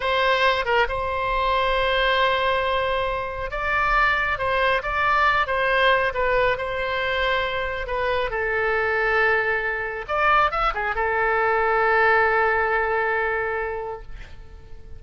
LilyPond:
\new Staff \with { instrumentName = "oboe" } { \time 4/4 \tempo 4 = 137 c''4. ais'8 c''2~ | c''1 | d''2 c''4 d''4~ | d''8 c''4. b'4 c''4~ |
c''2 b'4 a'4~ | a'2. d''4 | e''8 gis'8 a'2.~ | a'1 | }